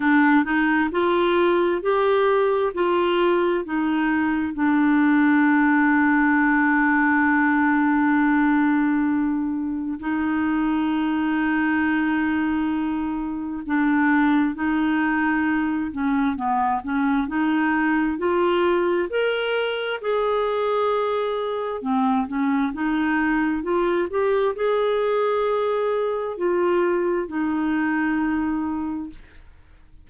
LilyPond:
\new Staff \with { instrumentName = "clarinet" } { \time 4/4 \tempo 4 = 66 d'8 dis'8 f'4 g'4 f'4 | dis'4 d'2.~ | d'2. dis'4~ | dis'2. d'4 |
dis'4. cis'8 b8 cis'8 dis'4 | f'4 ais'4 gis'2 | c'8 cis'8 dis'4 f'8 g'8 gis'4~ | gis'4 f'4 dis'2 | }